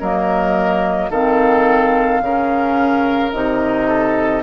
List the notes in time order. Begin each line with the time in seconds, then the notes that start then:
0.00 F#3 A#3 A#4 D#5
1.10 D#3 C4 A4 F5
2.22 C#3 C#4 A#4
3.32 C3 D#4 D#5
3.88 A4